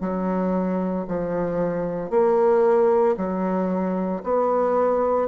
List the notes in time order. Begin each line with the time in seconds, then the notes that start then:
0.00 F#3
1.08 F3
2.10 A#3
3.16 F#3
4.23 B3